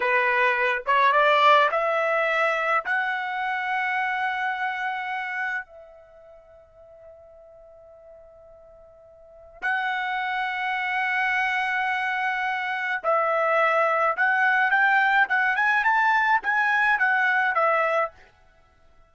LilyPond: \new Staff \with { instrumentName = "trumpet" } { \time 4/4 \tempo 4 = 106 b'4. cis''8 d''4 e''4~ | e''4 fis''2.~ | fis''2 e''2~ | e''1~ |
e''4 fis''2.~ | fis''2. e''4~ | e''4 fis''4 g''4 fis''8 gis''8 | a''4 gis''4 fis''4 e''4 | }